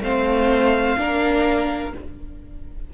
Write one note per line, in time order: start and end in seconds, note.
0.00 0.95 A3
0.00 0.97 C4
0.00 0.98 C5
0.00 1.93 F5
0.97 1.93 A#3
0.97 1.92 D4
0.97 1.94 A#4